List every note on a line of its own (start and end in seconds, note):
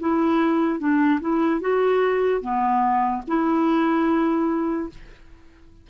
0.00 0.80 E4
0.80 1.21 D4
1.21 1.61 E4
1.61 2.41 F#4
2.41 3.22 B3
3.28 4.90 E4